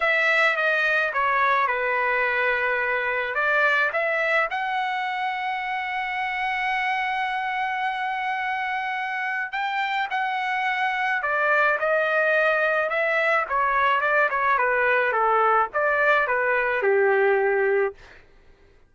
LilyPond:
\new Staff \with { instrumentName = "trumpet" } { \time 4/4 \tempo 4 = 107 e''4 dis''4 cis''4 b'4~ | b'2 d''4 e''4 | fis''1~ | fis''1~ |
fis''4 g''4 fis''2 | d''4 dis''2 e''4 | cis''4 d''8 cis''8 b'4 a'4 | d''4 b'4 g'2 | }